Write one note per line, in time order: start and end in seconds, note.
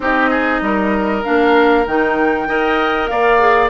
0.00 0.61 C4
0.00 1.23 D#4
0.00 0.30 G4
0.00 1.24 D#5
0.30 0.61 G#4
0.61 1.23 G3
0.61 2.48 A#4
1.23 1.86 A#3
1.23 1.85 D4
1.23 1.86 F5
1.86 2.47 D#3
1.86 2.47 D#4
1.86 3.07 G5
2.47 3.09 D#4
2.47 3.38 A#4
2.47 3.10 D#5
3.07 3.69 A#3
3.07 3.69 D5
3.07 3.69 F5
3.38 3.69 G#4